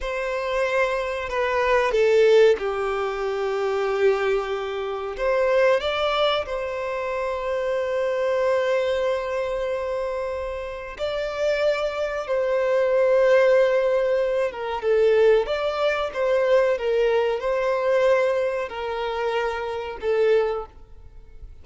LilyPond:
\new Staff \with { instrumentName = "violin" } { \time 4/4 \tempo 4 = 93 c''2 b'4 a'4 | g'1 | c''4 d''4 c''2~ | c''1~ |
c''4 d''2 c''4~ | c''2~ c''8 ais'8 a'4 | d''4 c''4 ais'4 c''4~ | c''4 ais'2 a'4 | }